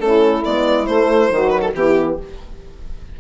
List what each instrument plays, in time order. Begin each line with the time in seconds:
0.00 bassoon A3, horn C#4, saxophone E4, violin A4
0.45 bassoon G#3, horn B3, violin D5
0.87 horn A3, bassoon A3, violin C5
1.29 bassoon D#3, horn F#3, saxophone F#4
1.50 violin B4
1.61 violin A4
1.75 bassoon E3, horn B3, saxophone E4, violin G4